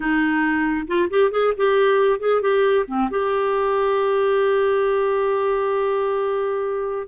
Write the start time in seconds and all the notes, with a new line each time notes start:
0.00 D#4
0.87 F4
1.09 G4
1.31 G#4
1.57 G4
2.19 G#4
2.41 G4
2.87 C4
3.10 G4